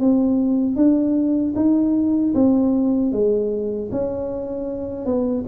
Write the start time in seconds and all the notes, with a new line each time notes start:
0.00 C4
0.76 D4
1.56 D#4
2.34 C4
3.12 G#3
3.91 C#4
5.06 B3